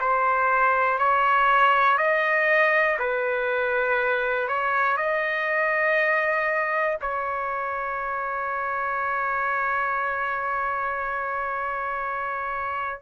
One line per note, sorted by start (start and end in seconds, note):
0.00 0.98 C5
0.98 1.97 C#5
1.97 2.97 D#5
2.99 4.48 B4
4.48 4.96 C#5
4.96 6.97 D#5
7.01 13.01 C#5